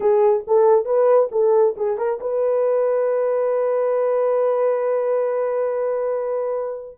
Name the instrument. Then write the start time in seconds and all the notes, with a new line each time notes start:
horn
0.00 G#4
0.47 A4
0.85 B4
1.31 A4
1.76 G#4
1.97 A#4
2.20 B4